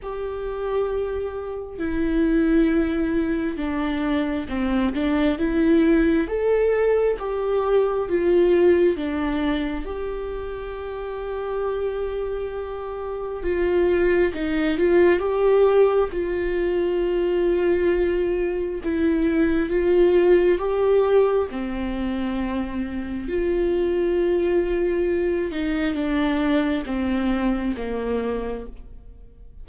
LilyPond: \new Staff \with { instrumentName = "viola" } { \time 4/4 \tempo 4 = 67 g'2 e'2 | d'4 c'8 d'8 e'4 a'4 | g'4 f'4 d'4 g'4~ | g'2. f'4 |
dis'8 f'8 g'4 f'2~ | f'4 e'4 f'4 g'4 | c'2 f'2~ | f'8 dis'8 d'4 c'4 ais4 | }